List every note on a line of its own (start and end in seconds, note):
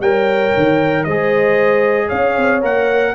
0.00 0.52 G3
0.00 1.07 A#4
0.00 1.06 C#5
0.00 1.04 G5
0.57 1.06 D#3
1.04 2.10 G#3
1.04 2.62 G#4
1.04 2.07 C5
1.04 2.09 D#5
2.07 2.37 C#4
2.07 3.12 C#5
2.07 2.61 F5
2.37 2.63 C4
2.62 3.15 A#3
2.62 3.14 A#4
2.62 3.15 F#5